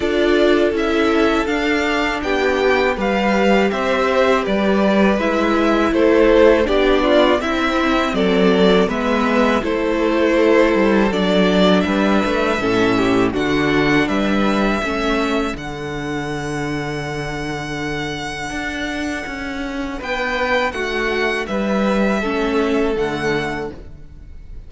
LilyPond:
<<
  \new Staff \with { instrumentName = "violin" } { \time 4/4 \tempo 4 = 81 d''4 e''4 f''4 g''4 | f''4 e''4 d''4 e''4 | c''4 d''4 e''4 d''4 | e''4 c''2 d''4 |
e''2 fis''4 e''4~ | e''4 fis''2.~ | fis''2. g''4 | fis''4 e''2 fis''4 | }
  \new Staff \with { instrumentName = "violin" } { \time 4/4 a'2. g'4 | b'4 c''4 b'2 | a'4 g'8 f'8 e'4 a'4 | b'4 a'2. |
b'4 a'8 g'8 fis'4 b'4 | a'1~ | a'2. b'4 | fis'4 b'4 a'2 | }
  \new Staff \with { instrumentName = "viola" } { \time 4/4 f'4 e'4 d'2 | g'2. e'4~ | e'4 d'4 c'2 | b4 e'2 d'4~ |
d'4 cis'4 d'2 | cis'4 d'2.~ | d'1~ | d'2 cis'4 a4 | }
  \new Staff \with { instrumentName = "cello" } { \time 4/4 d'4 cis'4 d'4 b4 | g4 c'4 g4 gis4 | a4 b4 c'4 fis4 | gis4 a4. g8 fis4 |
g8 a8 a,4 d4 g4 | a4 d2.~ | d4 d'4 cis'4 b4 | a4 g4 a4 d4 | }
>>